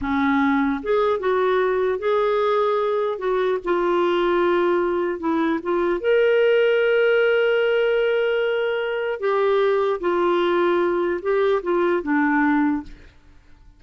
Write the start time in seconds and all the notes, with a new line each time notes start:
0.01 C#4
0.83 G#4
1.19 F#4
1.98 G#4
3.18 F#4
3.64 F4
5.19 E4
5.62 F4
6.00 A#4
9.19 G4
10.00 F4
11.22 G4
11.63 F4
12.03 D4